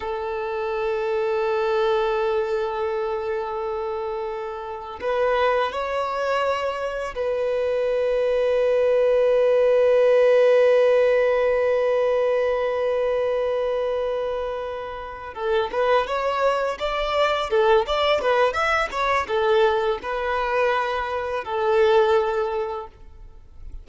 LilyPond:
\new Staff \with { instrumentName = "violin" } { \time 4/4 \tempo 4 = 84 a'1~ | a'2. b'4 | cis''2 b'2~ | b'1~ |
b'1~ | b'4. a'8 b'8 cis''4 d''8~ | d''8 a'8 d''8 b'8 e''8 cis''8 a'4 | b'2 a'2 | }